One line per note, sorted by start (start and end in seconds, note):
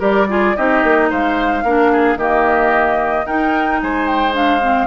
0.00 0.55 G3
0.00 0.27 G4
0.00 0.27 A#4
0.00 0.57 D5
0.29 0.56 F4
0.29 0.57 G#4
0.57 0.84 C4
0.57 1.65 D#4
0.57 1.10 G4
0.57 1.11 D#5
0.84 1.11 A#3
1.10 1.63 G#3
1.10 1.64 C5
1.10 2.20 F5
1.63 2.16 A#3
1.63 2.19 D4
1.63 1.92 A#4
1.93 2.19 G#4
2.16 3.24 D#3
2.16 3.27 A#3
2.16 3.26 G4
2.16 3.26 D#5
3.26 4.33 D#4
3.26 3.82 D#4
3.26 3.80 A#4
3.26 3.81 G5
3.82 4.87 G#3
3.82 4.87 C5
3.82 4.07 G#5
4.07 4.34 G5
4.33 4.60 D4
4.33 4.87 F5
4.61 4.87 C4